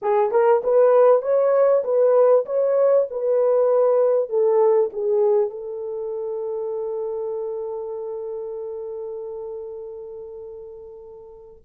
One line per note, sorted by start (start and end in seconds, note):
0.01 0.31 G#4
0.31 0.62 A#4
0.63 1.22 B4
1.22 1.83 C#5
1.84 2.45 B4
2.45 3.06 C#5
3.10 4.29 B4
4.29 4.90 A4
4.93 5.50 G#4
5.50 11.62 A4